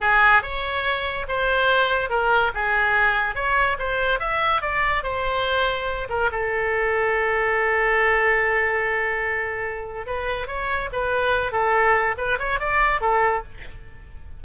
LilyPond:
\new Staff \with { instrumentName = "oboe" } { \time 4/4 \tempo 4 = 143 gis'4 cis''2 c''4~ | c''4 ais'4 gis'2 | cis''4 c''4 e''4 d''4 | c''2~ c''8 ais'8 a'4~ |
a'1~ | a'1 | b'4 cis''4 b'4. a'8~ | a'4 b'8 cis''8 d''4 a'4 | }